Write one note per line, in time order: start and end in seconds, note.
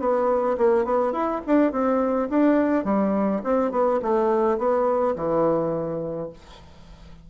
0.00 0.57 B3
0.58 0.85 A#3
0.85 1.13 B3
1.13 1.41 E4
1.46 1.72 D4
1.72 2.29 C4
2.30 2.85 D4
2.85 3.42 G3
3.44 3.72 C4
3.72 4.00 B3
4.02 4.58 A3
4.58 5.15 B3
5.16 6.30 E3